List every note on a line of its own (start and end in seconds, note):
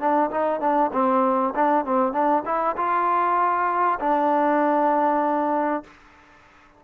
0.00 0.31 D4
0.31 0.61 D#4
0.61 0.92 D4
0.93 1.54 C4
1.55 1.85 D4
1.85 2.13 C4
2.13 2.44 D4
2.46 2.76 E4
2.77 4.00 F4
4.00 5.84 D4